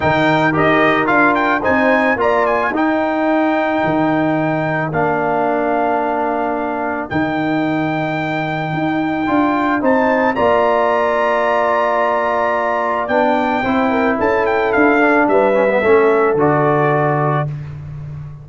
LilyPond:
<<
  \new Staff \with { instrumentName = "trumpet" } { \time 4/4 \tempo 4 = 110 g''4 dis''4 f''8 g''8 gis''4 | ais''8 gis''8 g''2.~ | g''4 f''2.~ | f''4 g''2.~ |
g''2 a''4 ais''4~ | ais''1 | g''2 a''8 g''8 f''4 | e''2 d''2 | }
  \new Staff \with { instrumentName = "horn" } { \time 4/4 ais'2. c''4 | d''4 ais'2.~ | ais'1~ | ais'1~ |
ais'2 c''4 d''4~ | d''1~ | d''4 c''8 ais'8 a'2 | b'4 a'2. | }
  \new Staff \with { instrumentName = "trombone" } { \time 4/4 dis'4 g'4 f'4 dis'4 | f'4 dis'2.~ | dis'4 d'2.~ | d'4 dis'2.~ |
dis'4 f'4 dis'4 f'4~ | f'1 | d'4 e'2~ e'8 d'8~ | d'8 cis'16 b16 cis'4 fis'2 | }
  \new Staff \with { instrumentName = "tuba" } { \time 4/4 dis4 dis'4 d'4 c'4 | ais4 dis'2 dis4~ | dis4 ais2.~ | ais4 dis2. |
dis'4 d'4 c'4 ais4~ | ais1 | b4 c'4 cis'4 d'4 | g4 a4 d2 | }
>>